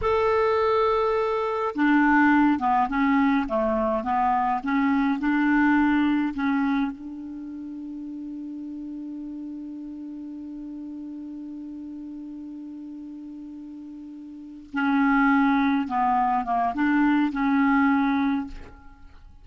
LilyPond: \new Staff \with { instrumentName = "clarinet" } { \time 4/4 \tempo 4 = 104 a'2. d'4~ | d'8 b8 cis'4 a4 b4 | cis'4 d'2 cis'4 | d'1~ |
d'1~ | d'1~ | d'4. cis'2 b8~ | b8 ais8 d'4 cis'2 | }